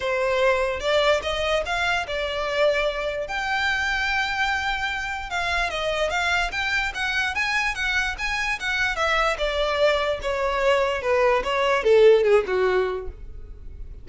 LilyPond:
\new Staff \with { instrumentName = "violin" } { \time 4/4 \tempo 4 = 147 c''2 d''4 dis''4 | f''4 d''2. | g''1~ | g''4 f''4 dis''4 f''4 |
g''4 fis''4 gis''4 fis''4 | gis''4 fis''4 e''4 d''4~ | d''4 cis''2 b'4 | cis''4 a'4 gis'8 fis'4. | }